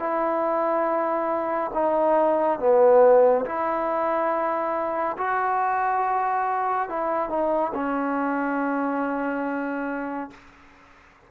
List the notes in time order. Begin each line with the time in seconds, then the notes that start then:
0.00 E4
1.74 D#4
2.59 B3
3.46 E4
5.18 F#4
6.90 E4
7.30 D#4
7.74 C#4